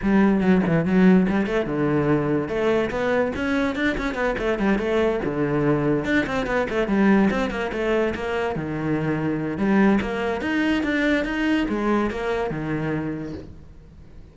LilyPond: \new Staff \with { instrumentName = "cello" } { \time 4/4 \tempo 4 = 144 g4 fis8 e8 fis4 g8 a8 | d2 a4 b4 | cis'4 d'8 cis'8 b8 a8 g8 a8~ | a8 d2 d'8 c'8 b8 |
a8 g4 c'8 ais8 a4 ais8~ | ais8 dis2~ dis8 g4 | ais4 dis'4 d'4 dis'4 | gis4 ais4 dis2 | }